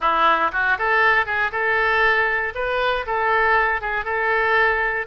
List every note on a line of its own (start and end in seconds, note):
0.00 0.51 E4
0.52 0.77 F#4
0.78 1.26 A4
1.26 1.51 G#4
1.51 2.53 A4
2.54 3.05 B4
3.06 3.81 A4
3.81 4.04 G#4
4.04 5.06 A4